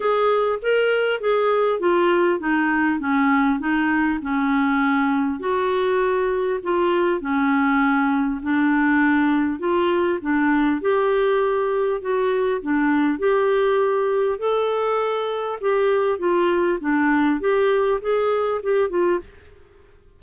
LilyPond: \new Staff \with { instrumentName = "clarinet" } { \time 4/4 \tempo 4 = 100 gis'4 ais'4 gis'4 f'4 | dis'4 cis'4 dis'4 cis'4~ | cis'4 fis'2 f'4 | cis'2 d'2 |
f'4 d'4 g'2 | fis'4 d'4 g'2 | a'2 g'4 f'4 | d'4 g'4 gis'4 g'8 f'8 | }